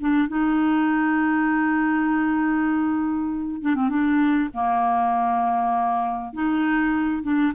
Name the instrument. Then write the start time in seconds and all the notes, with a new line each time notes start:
clarinet
0.00 D4
0.28 D#4
3.62 D4
3.75 C4
3.89 D4
4.53 A#3
6.33 D#4
7.23 D4